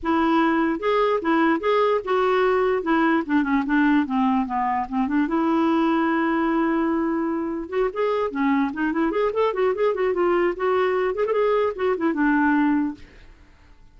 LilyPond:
\new Staff \with { instrumentName = "clarinet" } { \time 4/4 \tempo 4 = 148 e'2 gis'4 e'4 | gis'4 fis'2 e'4 | d'8 cis'8 d'4 c'4 b4 | c'8 d'8 e'2.~ |
e'2. fis'8 gis'8~ | gis'8 cis'4 dis'8 e'8 gis'8 a'8 fis'8 | gis'8 fis'8 f'4 fis'4. gis'16 a'16 | gis'4 fis'8 e'8 d'2 | }